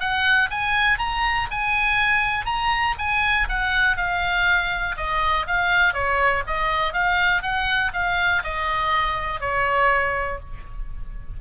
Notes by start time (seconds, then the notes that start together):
0.00 F#5
0.50 G#5
0.98 A#5
1.51 G#5
2.46 A#5
2.98 G#5
3.49 F#5
3.96 F5
4.97 D#5
5.47 F5
5.93 C#5
6.47 D#5
6.93 F5
7.42 F#5
7.93 F5
8.43 D#5
9.40 C#5